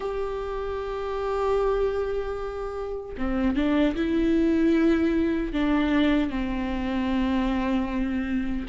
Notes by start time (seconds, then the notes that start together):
0.00 G4
3.17 C4
3.55 D4
3.95 E4
5.52 D4
6.29 C4